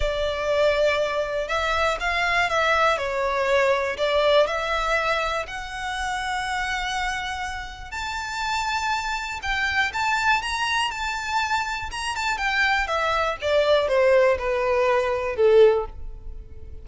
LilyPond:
\new Staff \with { instrumentName = "violin" } { \time 4/4 \tempo 4 = 121 d''2. e''4 | f''4 e''4 cis''2 | d''4 e''2 fis''4~ | fis''1 |
a''2. g''4 | a''4 ais''4 a''2 | ais''8 a''8 g''4 e''4 d''4 | c''4 b'2 a'4 | }